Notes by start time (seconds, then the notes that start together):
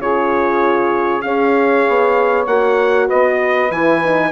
0.00 C#3 F4 G#4 C#5
1.21 C#4 G#4 C#5 F5
1.88 B3
2.46 A#3 F#4 F#5
3.06 B3 B4 D#5
3.70 E3 E4 G#5
4.03 D#4